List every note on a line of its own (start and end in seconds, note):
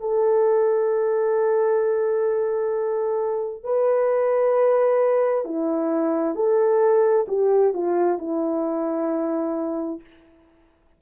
0.00 3.64 A4
3.64 5.45 B4
5.45 6.36 E4
6.36 7.26 A4
7.28 7.74 G4
7.74 8.19 F4
8.19 10.00 E4